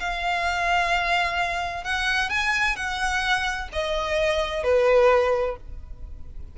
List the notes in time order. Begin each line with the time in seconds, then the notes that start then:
0.00 F5
1.85 F#5
2.30 G#5
2.77 F#5
3.73 D#5
4.64 B4